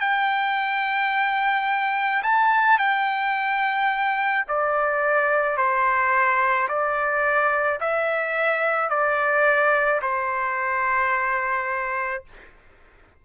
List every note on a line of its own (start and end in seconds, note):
0.00 2.22 G5
2.23 2.78 A5
2.78 4.45 G5
4.48 5.57 D5
5.57 6.68 C5
6.68 7.79 D5
7.80 8.89 E5
8.89 10.01 D5
10.02 12.24 C5